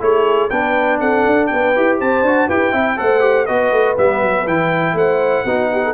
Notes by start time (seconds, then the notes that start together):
0.00 A3 E4 G#4 C#5
0.50 B3 D4 B4 G5
0.99 C4 A4 F#5
1.26 D4
1.46 B3 B4 G5
1.75 E4 G4
1.98 C4 C5 A5
2.22 D4 F#4
2.47 E4 G4 B4 G5
2.72 C4 E4 E5
2.96 A3 A4 C5 F#5
3.20 G4
3.45 B3 F#4 B4 D#5
3.71 A3
3.96 G3 B3 E5
4.21 F#3
4.46 E3 E4 G5
4.93 A3 C5 F#5
5.44 B3 D#4 F#4
5.72 G4
5.84 A4